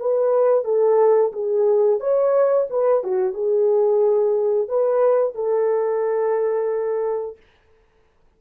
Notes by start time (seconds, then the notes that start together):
0.00 B4
0.65 A4
1.33 G#4
2.00 C#5
2.71 B4
3.04 F#4
3.34 G#4
4.69 B4
5.35 A4